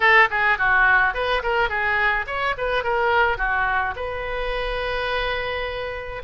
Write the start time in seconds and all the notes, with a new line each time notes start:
0.00 A4
0.30 G#4
0.58 F#4
1.14 B4
1.42 A#4
1.69 G#4
2.26 C#5
2.57 B4
2.83 A#4
3.37 F#4
3.96 B4